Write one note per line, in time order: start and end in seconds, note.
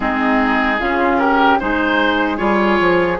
0.00 0.80 G#3
0.00 0.77 C4
0.00 0.80 D#4
0.00 1.17 G#4
0.80 1.60 C#3
0.80 1.60 C#4
0.80 1.20 F4
1.18 1.60 G4
1.18 1.58 A#4
1.59 2.39 G#3
1.59 2.37 D#4
1.59 3.20 G#4
1.59 2.37 C5
2.37 2.79 G3
2.37 3.17 F4
2.37 3.17 C#5
2.80 3.20 F3